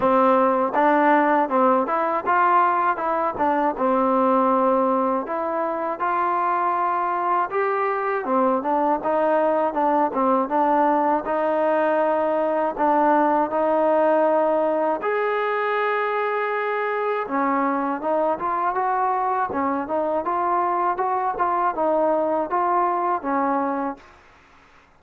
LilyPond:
\new Staff \with { instrumentName = "trombone" } { \time 4/4 \tempo 4 = 80 c'4 d'4 c'8 e'8 f'4 | e'8 d'8 c'2 e'4 | f'2 g'4 c'8 d'8 | dis'4 d'8 c'8 d'4 dis'4~ |
dis'4 d'4 dis'2 | gis'2. cis'4 | dis'8 f'8 fis'4 cis'8 dis'8 f'4 | fis'8 f'8 dis'4 f'4 cis'4 | }